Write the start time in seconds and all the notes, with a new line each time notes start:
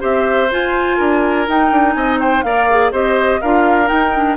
0.00 C4 G4 C5 E5
0.51 F4 G#5
0.97 D4 A#4
1.48 D#4 G5
1.71 D4
1.93 C4 D#5 G#5
2.20 C5 G5
2.43 A#3 A#4 D5 F5
2.70 G#4
2.92 C4 G4 C5 D#5
3.41 D4 F4 A#4 F5
3.86 D#4 G5
4.16 D4